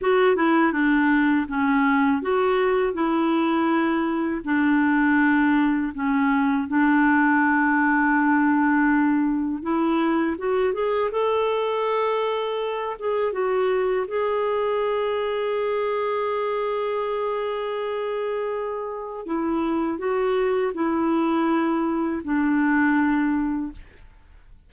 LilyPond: \new Staff \with { instrumentName = "clarinet" } { \time 4/4 \tempo 4 = 81 fis'8 e'8 d'4 cis'4 fis'4 | e'2 d'2 | cis'4 d'2.~ | d'4 e'4 fis'8 gis'8 a'4~ |
a'4. gis'8 fis'4 gis'4~ | gis'1~ | gis'2 e'4 fis'4 | e'2 d'2 | }